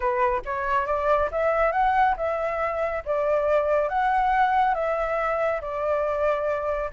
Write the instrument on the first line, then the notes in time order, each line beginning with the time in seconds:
flute
0.00 B4
0.45 C#5
0.86 D5
1.31 E5
1.72 F#5
2.16 E5
3.05 D5
3.88 F#5
4.74 E5
5.61 D5